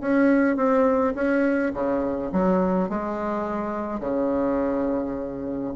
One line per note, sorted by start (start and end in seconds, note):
0.00 0.56 C#4
0.56 1.14 C4
1.15 1.73 C#4
1.74 2.31 C#3
2.32 2.89 F#3
2.89 4.00 G#3
4.00 5.73 C#3